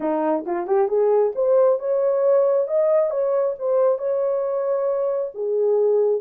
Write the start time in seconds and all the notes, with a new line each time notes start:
0.00 D#4
0.45 F4
0.67 G4
0.87 G#4
1.35 C5
1.79 C#5
2.67 D#5
3.10 C#5
3.58 C5
3.98 C#5
5.34 G#4